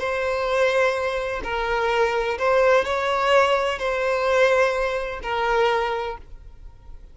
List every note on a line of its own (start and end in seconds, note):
0.00 1.42 C5
1.44 2.39 A#4
2.39 2.85 C5
2.85 3.79 C#5
3.79 5.21 C5
5.23 6.17 A#4